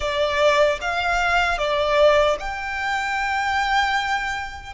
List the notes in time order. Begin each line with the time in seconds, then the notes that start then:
0.00 D5
0.81 F5
1.58 D5
2.39 G5